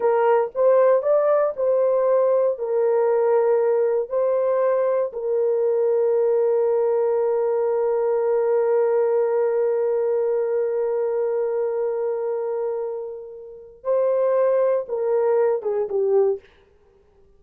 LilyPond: \new Staff \with { instrumentName = "horn" } { \time 4/4 \tempo 4 = 117 ais'4 c''4 d''4 c''4~ | c''4 ais'2. | c''2 ais'2~ | ais'1~ |
ais'1~ | ais'1~ | ais'2. c''4~ | c''4 ais'4. gis'8 g'4 | }